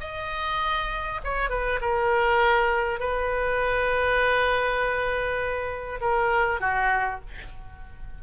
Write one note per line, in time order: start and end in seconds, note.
0.00 1.20 D#5
1.24 1.49 C#5
1.49 1.79 B4
1.81 2.99 A#4
2.99 5.99 B4
6.01 6.60 A#4
6.60 7.20 F#4